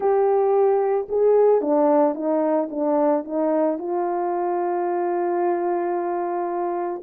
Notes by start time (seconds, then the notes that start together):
0.00 G4
1.08 G#4
1.61 D4
2.14 D#4
2.70 D4
3.24 D#4
3.78 F4